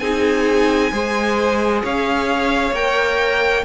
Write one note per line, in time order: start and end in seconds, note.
0.00 0.92 C4
0.00 0.92 D#4
0.00 0.92 G#4
0.00 1.82 G#5
0.92 1.83 G#3
0.92 2.74 G#4
0.92 1.83 C5
1.83 2.72 C#4
1.83 3.65 C#5
1.83 2.75 F5
2.72 3.63 A#3
2.72 3.65 A#4
2.72 3.65 G5